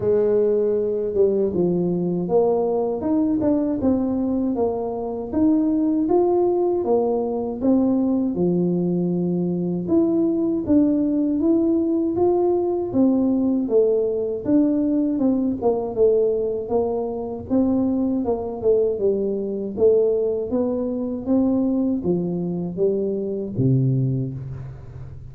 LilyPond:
\new Staff \with { instrumentName = "tuba" } { \time 4/4 \tempo 4 = 79 gis4. g8 f4 ais4 | dis'8 d'8 c'4 ais4 dis'4 | f'4 ais4 c'4 f4~ | f4 e'4 d'4 e'4 |
f'4 c'4 a4 d'4 | c'8 ais8 a4 ais4 c'4 | ais8 a8 g4 a4 b4 | c'4 f4 g4 c4 | }